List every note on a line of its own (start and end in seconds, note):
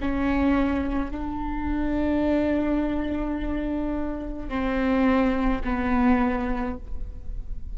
0.00 1.11 C#4
1.11 4.48 D4
4.48 5.61 C4
5.63 6.77 B3